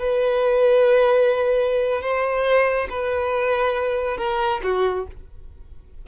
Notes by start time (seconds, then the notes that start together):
0.00 B4
2.02 C5
2.90 B4
4.18 A#4
4.64 F#4